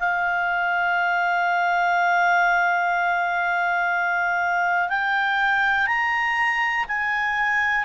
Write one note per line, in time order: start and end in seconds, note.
0.00 4.90 F5
4.90 5.87 G5
5.87 6.85 A#5
6.89 7.85 G#5